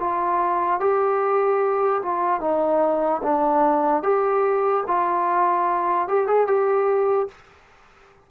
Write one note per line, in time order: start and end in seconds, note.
0.00 0.80 F4
0.80 2.02 G4
2.03 2.41 F4
2.41 3.22 D#4
3.23 4.03 D4
4.03 4.84 G4
4.88 6.08 F4
6.08 6.28 G4
6.28 6.48 G#4
6.48 7.29 G4